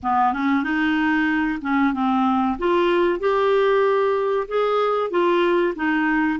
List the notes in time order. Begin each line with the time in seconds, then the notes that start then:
0.02 B3
0.33 C#4
0.63 D#4
1.61 C#4
1.93 C4
2.58 F4
3.19 G4
4.48 G#4
5.10 F4
5.75 D#4